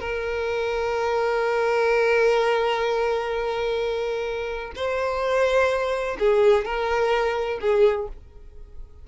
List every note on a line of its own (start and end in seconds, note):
0.00 4.72 A#4
4.75 6.17 C5
6.19 6.65 G#4
6.65 7.59 A#4
7.61 8.08 G#4